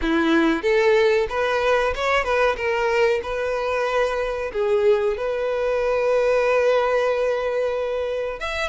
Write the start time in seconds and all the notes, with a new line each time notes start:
0.01 E4
0.62 A4
1.29 B4
1.95 C#5
2.23 B4
2.56 A#4
3.22 B4
4.52 G#4
5.17 B4
8.39 E5